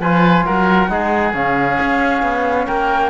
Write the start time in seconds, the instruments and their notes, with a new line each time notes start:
0.00 cello F3, trombone F4, oboe B4, flute G#5
0.45 cello F#3, oboe A#4, flute F#5
0.89 cello G#3, trombone D#4, oboe G#4
1.34 cello C#3, trombone C#4, flute F5
1.80 cello C#4
2.23 cello B3
2.67 cello A#3, oboe A#4, flute G5